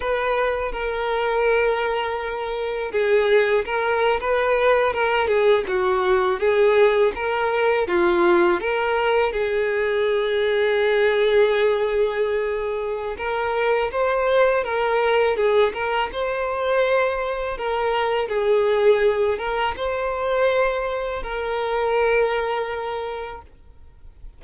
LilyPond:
\new Staff \with { instrumentName = "violin" } { \time 4/4 \tempo 4 = 82 b'4 ais'2. | gis'4 ais'8. b'4 ais'8 gis'8 fis'16~ | fis'8. gis'4 ais'4 f'4 ais'16~ | ais'8. gis'2.~ gis'16~ |
gis'2 ais'4 c''4 | ais'4 gis'8 ais'8 c''2 | ais'4 gis'4. ais'8 c''4~ | c''4 ais'2. | }